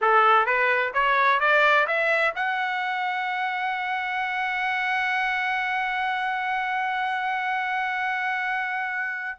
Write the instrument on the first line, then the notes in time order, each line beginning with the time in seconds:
trumpet
0.01 A4
0.46 B4
0.93 C#5
1.40 D5
1.87 E5
2.35 F#5